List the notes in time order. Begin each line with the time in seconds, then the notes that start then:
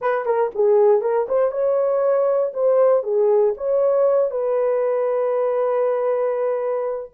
0.01 B4
0.25 A#4
0.54 G#4
1.01 A#4
1.28 C5
1.51 C#5
2.53 C5
3.03 G#4
3.57 C#5
4.31 B4